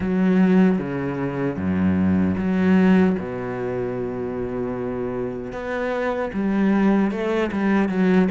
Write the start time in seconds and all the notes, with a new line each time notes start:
0.00 F#3
0.78 C#3
1.56 F#2
2.37 F#3
3.18 B2
5.52 B3
6.33 G3
7.11 A3
7.52 G3
7.88 F#3